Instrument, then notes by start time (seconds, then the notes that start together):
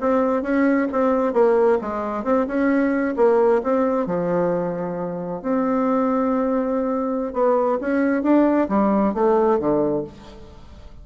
bassoon
0.00 C4
0.42 C#4
0.92 C4
1.33 A#3
1.81 G#3
2.24 C4
2.47 C#4
3.16 A#3
3.63 C4
4.06 F3
5.42 C4
7.33 B3
7.80 C#4
8.22 D4
8.69 G3
9.14 A3
9.59 D3